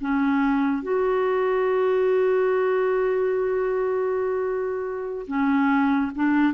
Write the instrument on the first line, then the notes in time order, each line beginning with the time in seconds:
clarinet
0.00 C#4
0.82 F#4
5.27 C#4
6.15 D4